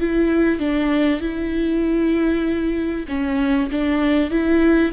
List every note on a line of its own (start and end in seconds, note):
0.00 0.59 E4
0.59 1.21 D4
1.21 3.06 E4
3.08 3.70 C#4
3.71 4.30 D4
4.30 4.92 E4